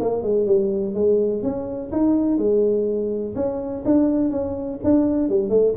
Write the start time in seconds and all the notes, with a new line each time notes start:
0.00 A#3
0.22 G#3
0.46 G3
0.94 G#3
1.42 C#4
1.91 D#4
2.37 G#3
3.35 C#4
3.84 D4
4.31 C#4
4.83 D4
5.29 G3
5.49 A3